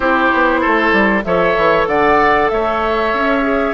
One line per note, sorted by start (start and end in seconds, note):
0.00 0.30 C4
0.00 1.22 E4
0.00 0.60 G4
0.00 1.23 C5
0.33 0.65 B3
0.60 0.92 A3
0.60 1.23 A4
0.92 1.23 G3
1.24 1.56 F3
1.24 3.42 A4
1.24 1.88 C#5
1.24 1.86 E5
1.56 1.87 E3
1.87 2.49 D3
1.87 2.51 D5
1.87 2.48 F#5
2.48 3.13 A3
2.48 3.73 C#5
2.48 3.73 E5
3.13 3.73 C#4
3.42 3.73 G#4